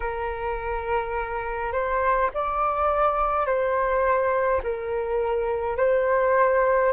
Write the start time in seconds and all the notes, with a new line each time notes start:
0.00 A#4
1.72 C5
2.34 D5
3.46 C5
4.63 A#4
5.76 C5